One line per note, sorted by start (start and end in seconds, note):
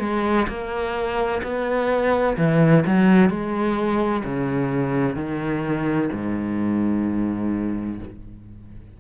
0.00 0.47 G#3
0.48 1.42 A#3
1.43 2.37 B3
2.37 2.84 E3
2.87 3.30 F#3
3.30 4.24 G#3
4.25 5.16 C#3
5.16 6.10 D#3
6.12 8.00 G#2